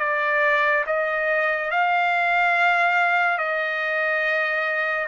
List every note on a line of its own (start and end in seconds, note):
0.00 0.85 D5
0.87 1.71 D#5
1.71 3.38 F5
3.38 5.07 D#5